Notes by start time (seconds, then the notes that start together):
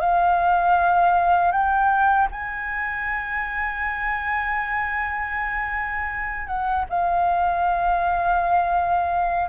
0.00 F5
1.52 G5
2.31 G#5
6.47 F#5
6.89 F5